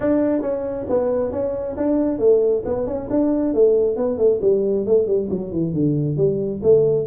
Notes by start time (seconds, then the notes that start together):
0.00 D4
0.41 C#4
0.89 B3
1.31 C#4
1.76 D4
2.19 A3
2.65 B3
2.87 C#4
3.10 D4
3.53 A3
3.96 B3
4.18 A3
4.41 G3
4.85 A3
5.06 G3
5.29 F#3
5.51 E3
5.73 D3
6.16 G3
6.62 A3